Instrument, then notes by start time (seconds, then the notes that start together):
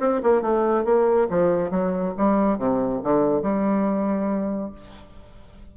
bassoon
0.00 C4
0.23 A#3
0.42 A3
0.85 A#3
1.30 F3
1.71 F#3
2.18 G3
2.58 C3
3.04 D3
3.42 G3